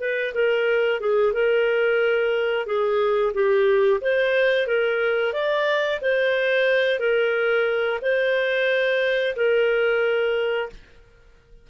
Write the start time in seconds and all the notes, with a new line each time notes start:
0.00 B4
0.34 A#4
1.00 G#4
1.32 A#4
2.66 G#4
3.33 G4
4.01 C5
4.66 A#4
5.33 D5
6.01 C5
6.99 A#4
8.02 C5
9.35 A#4